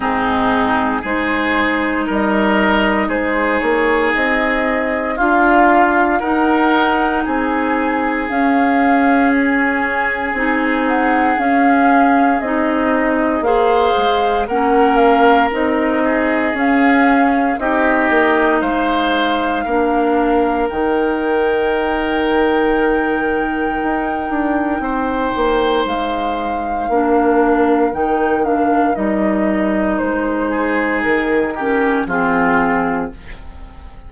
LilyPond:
<<
  \new Staff \with { instrumentName = "flute" } { \time 4/4 \tempo 4 = 58 gis'4 c''4 dis''4 c''8 cis''8 | dis''4 f''4 fis''4 gis''4 | f''4 gis''4. fis''8 f''4 | dis''4 f''4 fis''8 f''8 dis''4 |
f''4 dis''4 f''2 | g''1~ | g''4 f''2 g''8 f''8 | dis''4 c''4 ais'4 gis'4 | }
  \new Staff \with { instrumentName = "oboe" } { \time 4/4 dis'4 gis'4 ais'4 gis'4~ | gis'4 f'4 ais'4 gis'4~ | gis'1~ | gis'4 c''4 ais'4. gis'8~ |
gis'4 g'4 c''4 ais'4~ | ais'1 | c''2 ais'2~ | ais'4. gis'4 g'8 f'4 | }
  \new Staff \with { instrumentName = "clarinet" } { \time 4/4 c'4 dis'2.~ | dis'4 f'4 dis'2 | cis'2 dis'4 cis'4 | dis'4 gis'4 cis'4 dis'4 |
cis'4 dis'2 d'4 | dis'1~ | dis'2 d'4 dis'8 d'8 | dis'2~ dis'8 cis'8 c'4 | }
  \new Staff \with { instrumentName = "bassoon" } { \time 4/4 gis,4 gis4 g4 gis8 ais8 | c'4 d'4 dis'4 c'4 | cis'2 c'4 cis'4 | c'4 ais8 gis8 ais4 c'4 |
cis'4 c'8 ais8 gis4 ais4 | dis2. dis'8 d'8 | c'8 ais8 gis4 ais4 dis4 | g4 gis4 dis4 f4 | }
>>